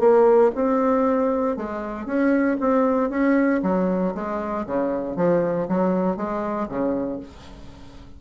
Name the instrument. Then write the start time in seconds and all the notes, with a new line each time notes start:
bassoon
0.00 A#3
0.55 C4
1.57 G#3
2.06 C#4
2.60 C4
3.10 C#4
3.63 F#3
4.15 G#3
4.66 C#3
5.17 F3
5.69 F#3
6.17 G#3
6.69 C#3